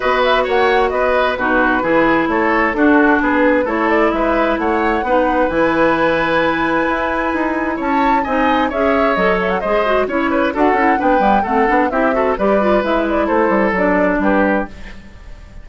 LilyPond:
<<
  \new Staff \with { instrumentName = "flute" } { \time 4/4 \tempo 4 = 131 dis''8 e''8 fis''4 dis''4 b'4~ | b'4 cis''4 a'4 b'4 | cis''8 d''8 e''4 fis''2 | gis''1~ |
gis''4 a''4 gis''4 e''4 | dis''8 e''16 fis''16 dis''4 cis''4 fis''4 | g''4 fis''4 e''4 d''4 | e''8 d''8 c''4 d''4 b'4 | }
  \new Staff \with { instrumentName = "oboe" } { \time 4/4 b'4 cis''4 b'4 fis'4 | gis'4 a'4 fis'4 gis'4 | a'4 b'4 cis''4 b'4~ | b'1~ |
b'4 cis''4 dis''4 cis''4~ | cis''4 c''4 cis''8 b'8 a'4 | b'4 a'4 g'8 a'8 b'4~ | b'4 a'2 g'4 | }
  \new Staff \with { instrumentName = "clarinet" } { \time 4/4 fis'2. dis'4 | e'2 d'2 | e'2. dis'4 | e'1~ |
e'2 dis'4 gis'4 | a'4 gis'8 fis'8 e'4 fis'8 e'8 | d'8 b8 c'8 d'8 e'8 fis'8 g'8 f'8 | e'2 d'2 | }
  \new Staff \with { instrumentName = "bassoon" } { \time 4/4 b4 ais4 b4 b,4 | e4 a4 d'4 b4 | a4 gis4 a4 b4 | e2. e'4 |
dis'4 cis'4 c'4 cis'4 | fis4 gis4 cis'4 d'8 cis'8 | b8 g8 a8 b8 c'4 g4 | gis4 a8 g8 fis4 g4 | }
>>